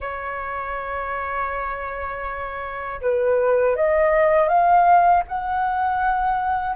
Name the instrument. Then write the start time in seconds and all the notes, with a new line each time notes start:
flute
0.00 C#5
3.01 B4
3.75 D#5
4.48 F5
5.28 F#5